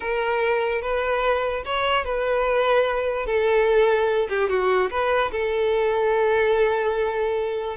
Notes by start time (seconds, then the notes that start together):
0.00 A#4
0.81 B4
1.65 C#5
2.04 B4
3.25 A4
4.29 G4
4.49 F#4
4.90 B4
5.31 A4